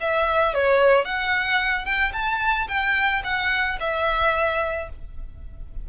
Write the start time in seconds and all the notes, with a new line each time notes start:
0.00 E5
0.54 C#5
1.04 F#5
1.85 G5
2.12 A5
2.68 G5
3.24 F#5
3.80 E5